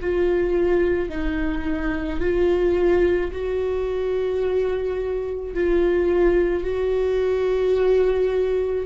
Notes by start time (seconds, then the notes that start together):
0.00 F4
1.09 D#4
2.20 F4
3.32 F#4
5.54 F4
6.63 F#4